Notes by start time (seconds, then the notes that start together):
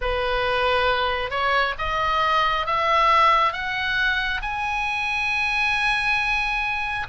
0.01 B4
1.30 C#5
1.78 D#5
2.66 E5
3.53 F#5
4.42 G#5